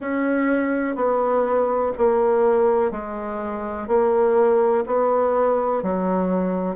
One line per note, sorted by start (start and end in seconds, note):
0.00 0.95 C#4
0.95 1.92 B3
1.97 2.91 A#3
2.91 3.87 G#3
3.87 4.84 A#3
4.86 5.82 B3
5.82 6.75 F#3